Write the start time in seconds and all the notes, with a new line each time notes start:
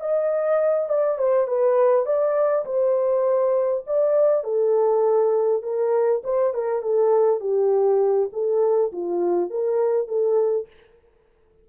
0.00 D#5
0.89 D5
1.18 C5
1.47 B4
2.05 D5
2.65 C5
3.86 D5
4.44 A4
5.62 A#4
6.24 C5
6.54 A#4
6.82 A4
7.40 G4
8.32 A4
8.92 F4
9.50 A#4
10.08 A4